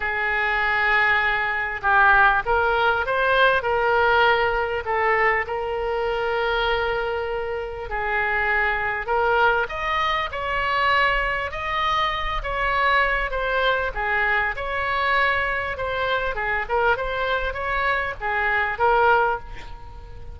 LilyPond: \new Staff \with { instrumentName = "oboe" } { \time 4/4 \tempo 4 = 99 gis'2. g'4 | ais'4 c''4 ais'2 | a'4 ais'2.~ | ais'4 gis'2 ais'4 |
dis''4 cis''2 dis''4~ | dis''8 cis''4. c''4 gis'4 | cis''2 c''4 gis'8 ais'8 | c''4 cis''4 gis'4 ais'4 | }